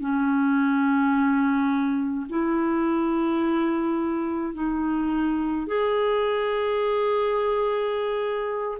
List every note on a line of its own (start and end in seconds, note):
0.00 2.26 C#4
2.29 4.53 E4
4.53 5.67 D#4
5.67 8.78 G#4